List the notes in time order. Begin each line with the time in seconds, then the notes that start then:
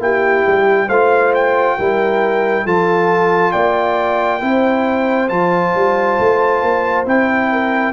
0.00 A#3 E4 G4 G5
0.47 G3
0.89 A3 F4 C5 F5
1.35 G5
1.78 G3 E4 A#4
2.65 F3 F4 A4 A5
3.52 A#3 D5 G5
4.41 C4 E4 C5
5.29 F3 F4 A5
5.75 G3
6.20 A3
6.63 A#3
7.06 C4 E4 G5
7.52 A#4